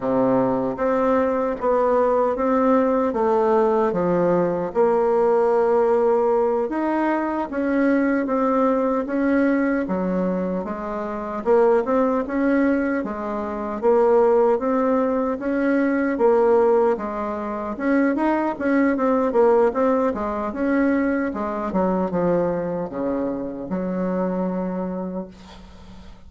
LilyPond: \new Staff \with { instrumentName = "bassoon" } { \time 4/4 \tempo 4 = 76 c4 c'4 b4 c'4 | a4 f4 ais2~ | ais8 dis'4 cis'4 c'4 cis'8~ | cis'8 fis4 gis4 ais8 c'8 cis'8~ |
cis'8 gis4 ais4 c'4 cis'8~ | cis'8 ais4 gis4 cis'8 dis'8 cis'8 | c'8 ais8 c'8 gis8 cis'4 gis8 fis8 | f4 cis4 fis2 | }